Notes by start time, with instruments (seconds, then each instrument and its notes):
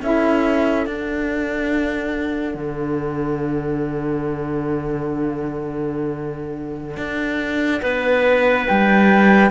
0.00 cello C#4, saxophone E4, clarinet A4, flute E5
0.85 cello D4, saxophone D4, flute F#5
2.54 cello D3
6.96 cello D4
7.82 cello B3, clarinet B4
8.66 cello G3, flute G5